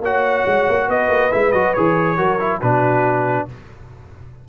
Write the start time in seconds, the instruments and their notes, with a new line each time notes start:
0.00 tuba A#3, trombone F#4, horn C#5, trumpet F#5
0.46 tuba G#3
0.68 tuba A#3
0.87 tuba B3, horn B4, trumpet D#5
1.08 tuba A#3
1.31 tuba G#3, trombone E4, trumpet E5
1.52 tuba F#3, trombone F#4, trumpet D#5
1.73 tuba E3, trombone G#4, trumpet C#5
2.17 tuba F#3, trombone F#4, horn A#4
2.39 trombone E4
2.59 tuba B2, trombone D4, horn F#4, trumpet B4